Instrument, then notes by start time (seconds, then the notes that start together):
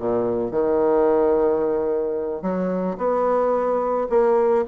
bassoon
0.00 A#2
0.51 D#3
2.42 F#3
2.98 B3
4.10 A#3